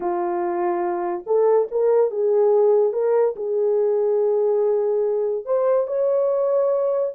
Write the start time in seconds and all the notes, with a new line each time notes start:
0.00 F4
1.26 A4
1.71 A#4
2.11 G#4
2.93 A#4
3.35 G#4
5.45 C5
5.87 C#5